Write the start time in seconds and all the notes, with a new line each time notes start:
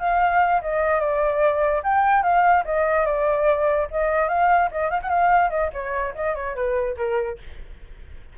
0.00 F5
0.62 D#5
1.00 D5
1.83 G5
2.23 F5
2.65 D#5
3.06 D5
3.91 D#5
4.29 F5
4.71 D#5
4.90 F5
5.02 F#5
5.09 F5
5.50 D#5
5.73 C#5
6.15 D#5
6.35 C#5
6.55 B4
6.97 A#4